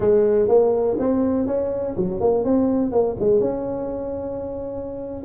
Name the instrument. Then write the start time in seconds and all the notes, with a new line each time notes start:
tuba
0.00 G#3
0.48 A#3
0.99 C4
1.46 C#4
1.96 F#3
2.20 A#3
2.44 C4
2.91 A#3
3.19 G#3
3.40 C#4